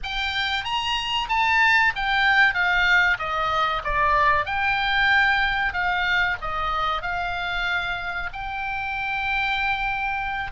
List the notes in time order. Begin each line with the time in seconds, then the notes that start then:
0.03 G5
0.64 A#5
1.29 A5
1.95 G5
2.54 F5
3.18 D#5
3.84 D5
4.45 G5
5.73 F5
6.41 D#5
7.02 F5
8.32 G5